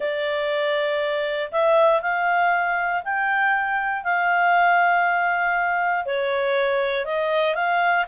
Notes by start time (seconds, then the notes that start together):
0.00 D5
1.51 E5
2.01 F5
3.04 G5
4.03 F5
6.05 C#5
7.05 D#5
7.54 F5